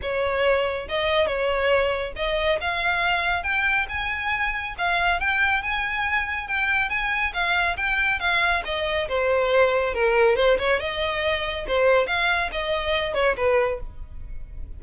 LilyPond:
\new Staff \with { instrumentName = "violin" } { \time 4/4 \tempo 4 = 139 cis''2 dis''4 cis''4~ | cis''4 dis''4 f''2 | g''4 gis''2 f''4 | g''4 gis''2 g''4 |
gis''4 f''4 g''4 f''4 | dis''4 c''2 ais'4 | c''8 cis''8 dis''2 c''4 | f''4 dis''4. cis''8 b'4 | }